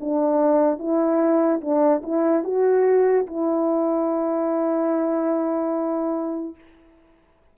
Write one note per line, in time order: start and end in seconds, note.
0.00 0.78 D4
0.78 1.60 E4
1.61 2.02 D4
2.03 2.44 E4
2.44 3.26 F#4
3.26 6.55 E4